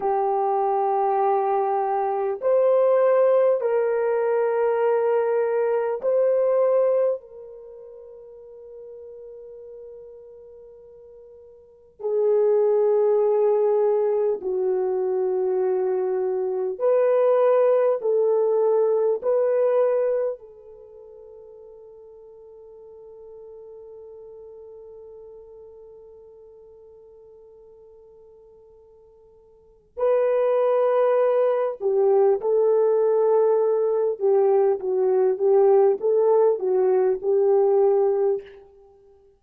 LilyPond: \new Staff \with { instrumentName = "horn" } { \time 4/4 \tempo 4 = 50 g'2 c''4 ais'4~ | ais'4 c''4 ais'2~ | ais'2 gis'2 | fis'2 b'4 a'4 |
b'4 a'2.~ | a'1~ | a'4 b'4. g'8 a'4~ | a'8 g'8 fis'8 g'8 a'8 fis'8 g'4 | }